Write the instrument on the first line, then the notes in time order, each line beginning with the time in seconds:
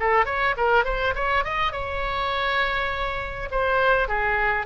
oboe
0.00 A4
0.25 C#5
0.57 A#4
0.85 C5
1.15 C#5
1.44 D#5
1.72 C#5
3.51 C5
4.08 G#4